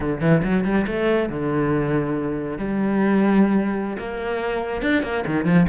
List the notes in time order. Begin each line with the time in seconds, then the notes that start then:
0.00 D3
0.20 E3
0.43 F#3
0.64 G3
0.86 A3
1.29 D3
2.57 G3
3.98 A#3
4.82 D4
5.03 A#3
5.26 D#3
5.44 F3